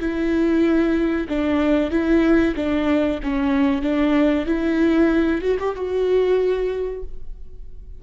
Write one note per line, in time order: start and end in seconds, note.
0.00 1.28 E4
1.29 1.91 D4
1.91 2.55 E4
2.56 3.20 D4
3.23 3.82 C#4
3.82 4.46 D4
4.46 5.41 E4
5.41 5.57 F#4
5.59 5.75 G4
5.75 7.03 F#4